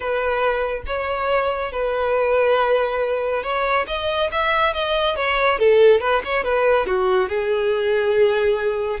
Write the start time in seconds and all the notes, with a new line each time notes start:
0.00 B4
0.86 C#5
1.71 B4
3.43 C#5
3.87 D#5
4.31 E5
4.73 D#5
5.15 C#5
5.59 A4
6.00 B4
6.24 C#5
6.43 B4
6.86 F#4
7.28 G#4